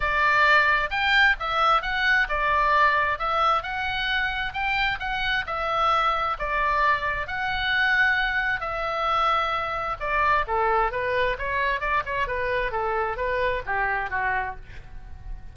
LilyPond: \new Staff \with { instrumentName = "oboe" } { \time 4/4 \tempo 4 = 132 d''2 g''4 e''4 | fis''4 d''2 e''4 | fis''2 g''4 fis''4 | e''2 d''2 |
fis''2. e''4~ | e''2 d''4 a'4 | b'4 cis''4 d''8 cis''8 b'4 | a'4 b'4 g'4 fis'4 | }